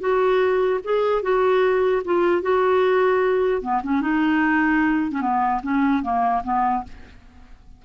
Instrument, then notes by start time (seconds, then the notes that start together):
clarinet
0.00 F#4
0.84 G#4
1.22 F#4
2.05 F4
2.42 F#4
3.61 B3
3.83 C#4
4.01 D#4
5.11 C#4
5.21 B3
5.63 C#4
6.03 A#3
6.43 B3